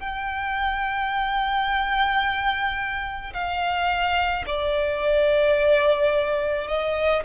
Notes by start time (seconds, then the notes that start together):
0.00 G5
3.34 F5
4.47 D5
6.68 D#5